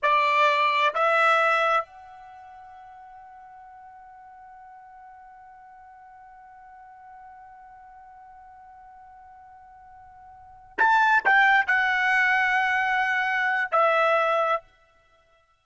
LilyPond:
\new Staff \with { instrumentName = "trumpet" } { \time 4/4 \tempo 4 = 131 d''2 e''2 | fis''1~ | fis''1~ | fis''1~ |
fis''1~ | fis''2.~ fis''8 a''8~ | a''8 g''4 fis''2~ fis''8~ | fis''2 e''2 | }